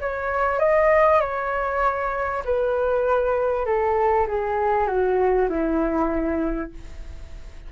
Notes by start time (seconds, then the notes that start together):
0.00 C#5
0.59 D#5
1.20 C#5
2.44 B4
3.65 A4
4.27 G#4
4.87 F#4
5.49 E4